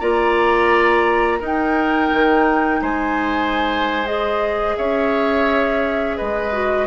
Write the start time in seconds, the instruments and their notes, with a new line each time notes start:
0.00 bassoon A#3, clarinet F4, oboe D5, flute A#5
1.40 clarinet D#4, bassoon D#4, oboe A#4
1.46 flute G5
2.13 bassoon D#3
2.81 bassoon G#3, oboe C5, flute G#5
4.05 clarinet G#4, flute D#5
4.77 bassoon C#4, oboe C#5, flute E5
6.17 bassoon G#3, oboe B4, flute D#5
6.52 clarinet F#4